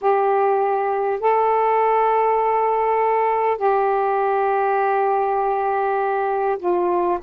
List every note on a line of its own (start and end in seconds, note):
0.01 1.19 G4
1.19 3.57 A4
3.57 6.57 G4
6.58 7.18 F4